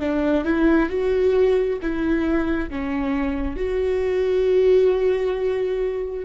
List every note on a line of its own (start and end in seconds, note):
0.00 0.45 D4
0.45 0.89 E4
0.89 1.79 F#4
1.82 2.70 E4
2.70 3.56 C#4
3.56 6.25 F#4